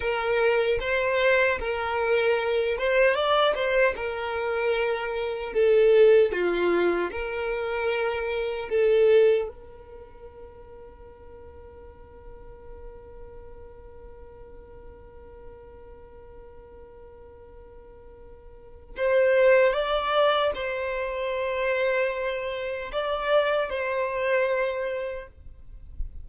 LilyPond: \new Staff \with { instrumentName = "violin" } { \time 4/4 \tempo 4 = 76 ais'4 c''4 ais'4. c''8 | d''8 c''8 ais'2 a'4 | f'4 ais'2 a'4 | ais'1~ |
ais'1~ | ais'1 | c''4 d''4 c''2~ | c''4 d''4 c''2 | }